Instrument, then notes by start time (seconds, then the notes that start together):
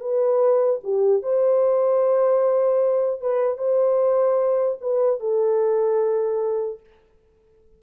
horn
0.00 B4
0.84 G4
1.23 C5
3.21 B4
3.58 C5
4.81 B4
5.20 A4